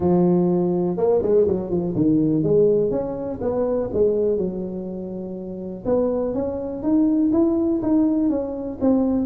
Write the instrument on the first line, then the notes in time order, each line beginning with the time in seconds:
tuba
0.00 F3
0.97 A#3
1.22 G#3
1.47 F#3
1.70 F3
1.95 D#3
2.43 G#3
2.90 C#4
3.41 B3
3.93 G#3
4.37 F#3
5.85 B3
6.33 C#4
6.82 D#4
7.32 E4
7.82 D#4
8.29 C#4
8.80 C4